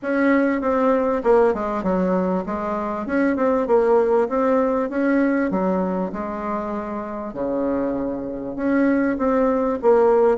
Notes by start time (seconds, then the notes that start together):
0.02 C#4
0.61 C4
1.23 A#3
1.54 G#3
1.83 F#3
2.46 G#3
3.06 C#4
3.36 C4
3.67 A#3
4.29 C4
4.89 C#4
5.50 F#3
6.12 G#3
7.33 C#3
8.55 C#4
9.18 C4
9.82 A#3